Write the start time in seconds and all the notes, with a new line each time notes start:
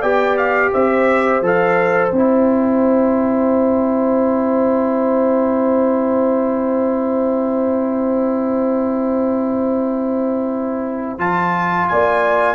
0.00 B3 G4 D5 G5
0.37 F5
0.73 C4 C5 E5
1.41 F3 A4 F5
2.09 C4 G5
2.15 E4
11.18 F3 F4 A5
11.89 A#3 D5 G#5